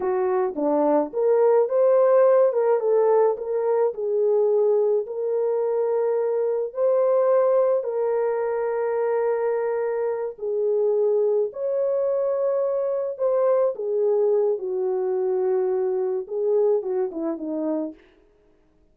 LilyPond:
\new Staff \with { instrumentName = "horn" } { \time 4/4 \tempo 4 = 107 fis'4 d'4 ais'4 c''4~ | c''8 ais'8 a'4 ais'4 gis'4~ | gis'4 ais'2. | c''2 ais'2~ |
ais'2~ ais'8 gis'4.~ | gis'8 cis''2. c''8~ | c''8 gis'4. fis'2~ | fis'4 gis'4 fis'8 e'8 dis'4 | }